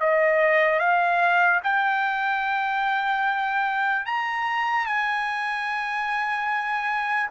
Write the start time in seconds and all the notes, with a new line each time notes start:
0.00 D#5
0.79 F5
1.64 G5
4.05 A#5
4.86 G#5